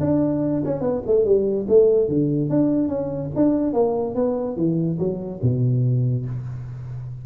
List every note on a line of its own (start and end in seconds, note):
0.00 0.62 D4
0.65 0.81 C#4
0.81 1.02 B3
1.06 1.25 A3
1.25 1.66 G3
1.68 2.09 A3
2.09 2.50 D3
2.50 2.88 D4
2.88 3.30 C#4
3.36 3.73 D4
3.73 4.15 A#3
4.15 4.56 B3
4.56 4.98 E3
4.99 5.41 F#3
5.42 6.26 B2